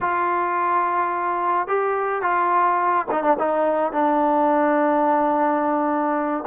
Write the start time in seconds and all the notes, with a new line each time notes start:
0.00 F4
1.67 G4
2.22 F4
3.11 D#4
3.23 D4
3.38 D#4
3.92 D4